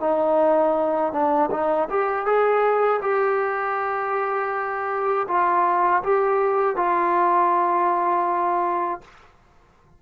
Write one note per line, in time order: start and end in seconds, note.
0.00 1.12 D#4
1.12 1.50 D4
1.51 1.88 D#4
1.89 2.25 G4
2.25 3.00 G#4
3.01 5.26 G4
5.27 6.02 F4
6.03 6.76 G4
6.76 9.01 F4